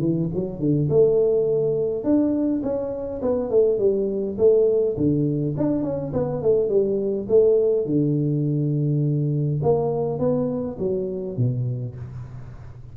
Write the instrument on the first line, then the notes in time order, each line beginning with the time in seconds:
tuba
0.00 E3
0.34 F#3
0.60 D3
0.90 A3
2.04 D4
2.63 C#4
3.22 B3
3.51 A3
3.79 G3
4.38 A3
4.97 D3
5.57 D4
5.83 C#4
6.13 B3
6.43 A3
6.69 G3
7.29 A3
7.86 D3
9.63 A#3
10.19 B3
10.79 F#3
11.37 B2